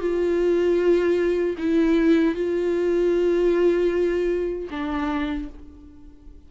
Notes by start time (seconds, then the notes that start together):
0.00 F4
1.58 E4
2.34 F4
4.70 D4